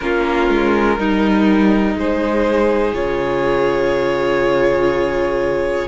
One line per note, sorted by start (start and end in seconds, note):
0.00 0.48 A#3
0.00 0.98 C#4
0.00 0.99 F4
0.00 1.96 A#4
0.48 0.97 G#3
0.98 1.94 G3
0.98 2.93 D#4
0.98 1.97 D#4
1.94 2.92 G#3
1.94 5.87 G#4
1.94 2.94 C5
2.92 5.87 C#3
2.92 5.87 F4
2.92 5.87 C#5